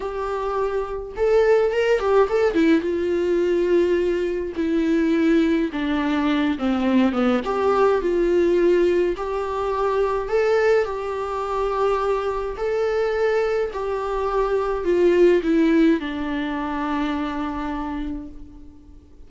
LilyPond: \new Staff \with { instrumentName = "viola" } { \time 4/4 \tempo 4 = 105 g'2 a'4 ais'8 g'8 | a'8 e'8 f'2. | e'2 d'4. c'8~ | c'8 b8 g'4 f'2 |
g'2 a'4 g'4~ | g'2 a'2 | g'2 f'4 e'4 | d'1 | }